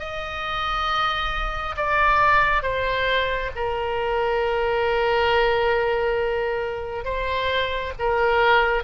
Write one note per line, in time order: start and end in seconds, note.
0.00 1.76 D#5
1.77 2.63 D5
2.63 3.51 C5
3.56 7.05 A#4
7.05 7.93 C5
7.99 8.84 A#4